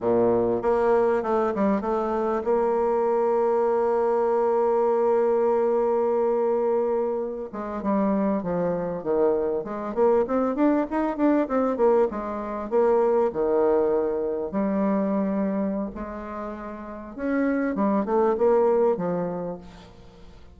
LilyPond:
\new Staff \with { instrumentName = "bassoon" } { \time 4/4 \tempo 4 = 98 ais,4 ais4 a8 g8 a4 | ais1~ | ais1~ | ais16 gis8 g4 f4 dis4 gis16~ |
gis16 ais8 c'8 d'8 dis'8 d'8 c'8 ais8 gis16~ | gis8. ais4 dis2 g16~ | g2 gis2 | cis'4 g8 a8 ais4 f4 | }